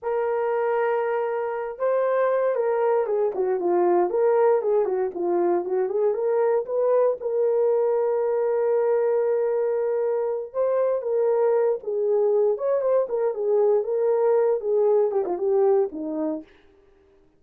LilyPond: \new Staff \with { instrumentName = "horn" } { \time 4/4 \tempo 4 = 117 ais'2.~ ais'8 c''8~ | c''4 ais'4 gis'8 fis'8 f'4 | ais'4 gis'8 fis'8 f'4 fis'8 gis'8 | ais'4 b'4 ais'2~ |
ais'1~ | ais'8 c''4 ais'4. gis'4~ | gis'8 cis''8 c''8 ais'8 gis'4 ais'4~ | ais'8 gis'4 g'16 f'16 g'4 dis'4 | }